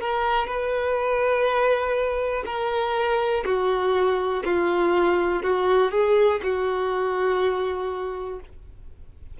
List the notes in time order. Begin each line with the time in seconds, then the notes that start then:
0.00 A#4
0.47 B4
2.46 A#4
3.45 F#4
4.44 F4
5.43 F#4
5.91 G#4
6.43 F#4